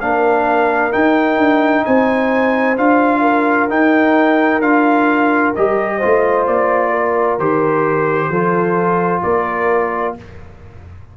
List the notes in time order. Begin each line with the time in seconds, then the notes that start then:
0.00 A#3 D4 A#4 F5
0.92 D#4 G5
1.37 D4
1.85 C4 C5 G#5
2.77 D4 F4 F5
3.21 A#4
3.69 D#4 G5
4.61 D4 F4 F5
5.55 G3 G4 D#5
5.97 F4 C5
6.04 A3
6.47 A#3 D5
6.91 A#4
7.38 D#3 G4 C5
8.29 F3 F4 A4
9.22 A#3 A#4 D5